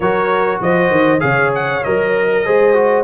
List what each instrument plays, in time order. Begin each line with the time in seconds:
0.00 tuba F#3, trombone F#4, horn A#4, trumpet C#5
0.61 tuba F3, horn C5, trumpet D#5
0.90 tuba D#3
1.19 tuba C#3, trombone G#4, horn C#5, trumpet F5
1.55 trumpet F#5
1.83 tuba F#3, trombone A#4, trumpet D#5
2.32 horn A#4
2.45 tuba G#3, trombone G#4, horn C5
2.73 trombone F#4